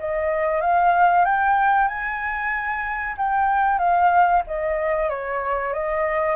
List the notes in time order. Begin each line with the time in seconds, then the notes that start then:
0.00 D#5
0.62 F5
1.25 G5
1.88 G#5
3.18 G5
3.79 F5
4.48 D#5
5.10 C#5
5.74 D#5